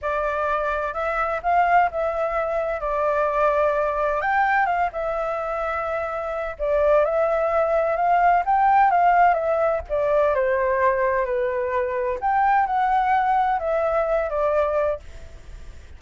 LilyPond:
\new Staff \with { instrumentName = "flute" } { \time 4/4 \tempo 4 = 128 d''2 e''4 f''4 | e''2 d''2~ | d''4 g''4 f''8 e''4.~ | e''2 d''4 e''4~ |
e''4 f''4 g''4 f''4 | e''4 d''4 c''2 | b'2 g''4 fis''4~ | fis''4 e''4. d''4. | }